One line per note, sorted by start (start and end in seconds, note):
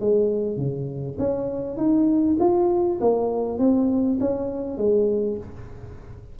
0.00 0.57 G#3
0.57 1.17 C#3
1.18 1.77 C#4
1.77 2.37 D#4
2.39 2.99 F4
3.01 3.58 A#3
3.58 4.18 C4
4.20 4.77 C#4
4.77 5.37 G#3